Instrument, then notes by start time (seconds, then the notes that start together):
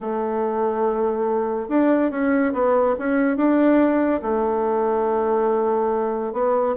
bassoon
0.00 A3
1.68 D4
2.10 C#4
2.53 B3
2.98 C#4
3.36 D4
4.22 A3
6.33 B3